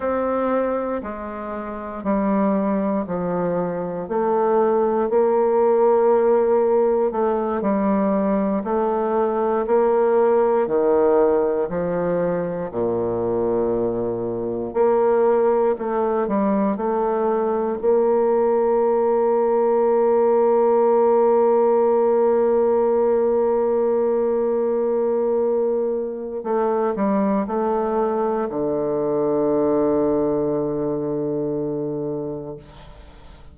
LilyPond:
\new Staff \with { instrumentName = "bassoon" } { \time 4/4 \tempo 4 = 59 c'4 gis4 g4 f4 | a4 ais2 a8 g8~ | g8 a4 ais4 dis4 f8~ | f8 ais,2 ais4 a8 |
g8 a4 ais2~ ais8~ | ais1~ | ais2 a8 g8 a4 | d1 | }